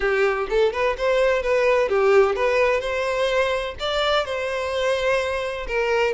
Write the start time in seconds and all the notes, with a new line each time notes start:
0.00 G4
0.49 A4
0.72 B4
0.97 C5
1.42 B4
1.89 G4
2.35 B4
2.80 C5
3.79 D5
4.25 C5
5.67 A#4